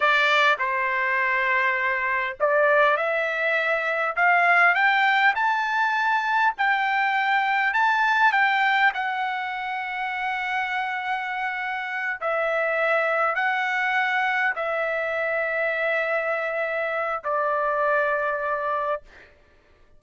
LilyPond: \new Staff \with { instrumentName = "trumpet" } { \time 4/4 \tempo 4 = 101 d''4 c''2. | d''4 e''2 f''4 | g''4 a''2 g''4~ | g''4 a''4 g''4 fis''4~ |
fis''1~ | fis''8 e''2 fis''4.~ | fis''8 e''2.~ e''8~ | e''4 d''2. | }